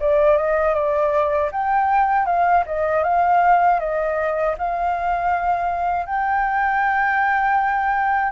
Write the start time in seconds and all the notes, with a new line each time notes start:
0.00 D5
0.37 D#5
0.74 D5
1.52 G5
2.26 F5
2.66 D#5
3.04 F5
3.80 D#5
4.58 F5
6.06 G5